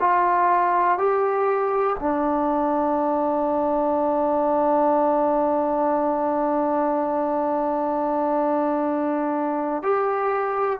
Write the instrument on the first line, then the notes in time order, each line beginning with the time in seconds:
trombone
0.00 F4
0.98 G4
1.99 D4
9.83 G4